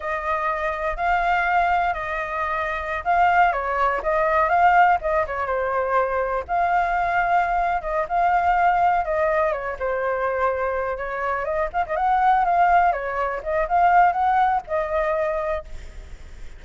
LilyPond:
\new Staff \with { instrumentName = "flute" } { \time 4/4 \tempo 4 = 123 dis''2 f''2 | dis''2~ dis''16 f''4 cis''8.~ | cis''16 dis''4 f''4 dis''8 cis''8 c''8.~ | c''4~ c''16 f''2~ f''8. |
dis''8 f''2 dis''4 cis''8 | c''2~ c''8 cis''4 dis''8 | f''16 dis''16 fis''4 f''4 cis''4 dis''8 | f''4 fis''4 dis''2 | }